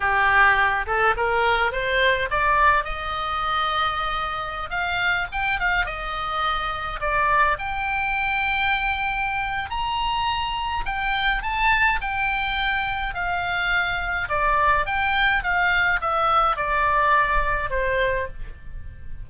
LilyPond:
\new Staff \with { instrumentName = "oboe" } { \time 4/4 \tempo 4 = 105 g'4. a'8 ais'4 c''4 | d''4 dis''2.~ | dis''16 f''4 g''8 f''8 dis''4.~ dis''16~ | dis''16 d''4 g''2~ g''8.~ |
g''4 ais''2 g''4 | a''4 g''2 f''4~ | f''4 d''4 g''4 f''4 | e''4 d''2 c''4 | }